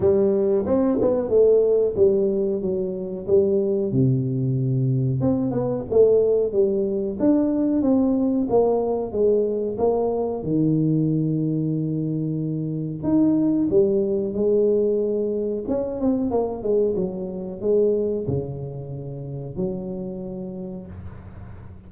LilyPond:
\new Staff \with { instrumentName = "tuba" } { \time 4/4 \tempo 4 = 92 g4 c'8 b8 a4 g4 | fis4 g4 c2 | c'8 b8 a4 g4 d'4 | c'4 ais4 gis4 ais4 |
dis1 | dis'4 g4 gis2 | cis'8 c'8 ais8 gis8 fis4 gis4 | cis2 fis2 | }